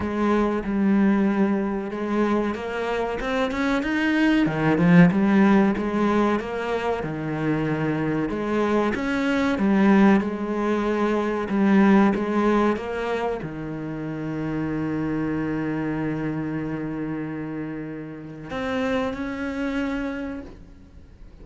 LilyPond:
\new Staff \with { instrumentName = "cello" } { \time 4/4 \tempo 4 = 94 gis4 g2 gis4 | ais4 c'8 cis'8 dis'4 dis8 f8 | g4 gis4 ais4 dis4~ | dis4 gis4 cis'4 g4 |
gis2 g4 gis4 | ais4 dis2.~ | dis1~ | dis4 c'4 cis'2 | }